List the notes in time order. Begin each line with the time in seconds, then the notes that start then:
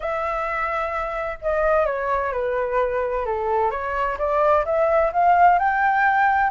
0.00 E5
1.41 D#5
1.85 C#5
2.32 B4
3.25 A4
3.71 C#5
4.18 D5
4.65 E5
5.12 F5
5.58 G5